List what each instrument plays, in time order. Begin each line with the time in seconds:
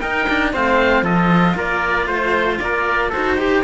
0.00 cello D#4, trumpet A#4, oboe G5
0.29 cello D4
0.53 cello A3 C4, trumpet C5, oboe F5
1.02 cello F3 F4, trumpet A4, oboe D#5
1.55 cello A#3, trumpet A#4, oboe D5
2.07 cello A3, trumpet C5, oboe C5
2.60 cello A#3, trumpet A#4, oboe D5
3.09 cello F#4, trumpet A4, oboe C5
3.15 cello D#4
3.38 cello G4, trumpet G4